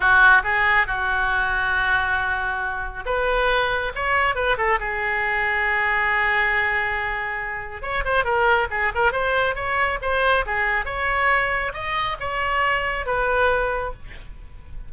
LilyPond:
\new Staff \with { instrumentName = "oboe" } { \time 4/4 \tempo 4 = 138 fis'4 gis'4 fis'2~ | fis'2. b'4~ | b'4 cis''4 b'8 a'8 gis'4~ | gis'1~ |
gis'2 cis''8 c''8 ais'4 | gis'8 ais'8 c''4 cis''4 c''4 | gis'4 cis''2 dis''4 | cis''2 b'2 | }